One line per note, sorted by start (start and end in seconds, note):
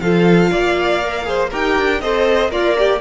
0.00 0.50 F3
0.00 1.03 F4
0.00 0.51 A4
0.00 1.50 F5
0.51 1.52 A#3
0.51 1.26 D5
1.03 1.24 A#4
1.24 1.49 G#4
1.24 1.50 C5
1.50 1.77 D#4
1.50 2.02 G4
1.50 2.00 A#4
1.50 2.01 G5
1.77 2.01 D4
2.01 2.50 C4
2.01 2.49 A4
2.01 2.51 C5
2.01 2.51 D#5
2.49 3.00 A#3
2.49 2.76 F4
2.49 2.99 A#4
2.49 3.00 D5
2.78 3.00 G4